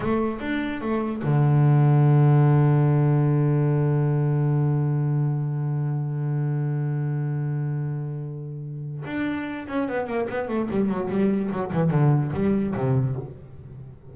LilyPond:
\new Staff \with { instrumentName = "double bass" } { \time 4/4 \tempo 4 = 146 a4 d'4 a4 d4~ | d1~ | d1~ | d1~ |
d1~ | d2 d'4. cis'8 | b8 ais8 b8 a8 g8 fis8 g4 | fis8 e8 d4 g4 c4 | }